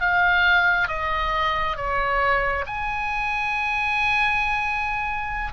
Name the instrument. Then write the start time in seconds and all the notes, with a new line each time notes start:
oboe
0.00 F5
0.88 D#5
1.76 C#5
2.66 G#5